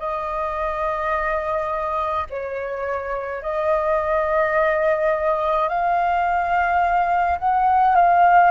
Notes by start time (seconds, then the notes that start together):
0.00 D#5
2.30 C#5
3.43 D#5
5.69 F5
7.39 F#5
7.96 F5